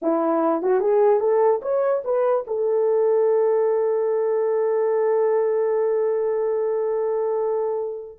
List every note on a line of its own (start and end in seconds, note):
0.02 0.62 E4
0.62 0.80 F#4
0.80 1.20 G#4
1.20 1.60 A4
1.62 2.02 C#5
2.04 2.45 B4
2.47 8.18 A4